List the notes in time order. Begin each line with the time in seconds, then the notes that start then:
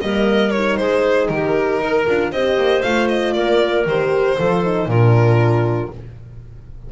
0.00 G3 A#3 A#4 D#5
0.51 D#4 C#5
0.76 G#3 G#4 C5
1.29 D#3 G4 A#4
1.80 D#4 A#4
2.07 D4 F4
2.32 C4 G4 C5 D#5
2.57 A#3
2.82 A3 F4 F5
3.08 D#5
3.33 A#3 A#4 D5
3.86 D#3 G4 C5
4.38 F3 F4 A4
4.63 D#4
4.86 A#2 D4 F4 A#4